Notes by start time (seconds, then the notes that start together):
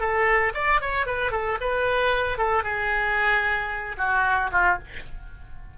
0.00 A4
0.54 D5
0.81 C#5
1.06 B4
1.32 A4
1.61 B4
2.38 A4
2.64 G#4
3.98 F#4
4.52 F4